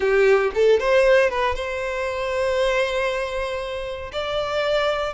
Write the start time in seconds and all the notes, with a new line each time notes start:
0.00 G4
0.54 A4
0.79 C5
1.29 B4
1.55 C5
4.12 D5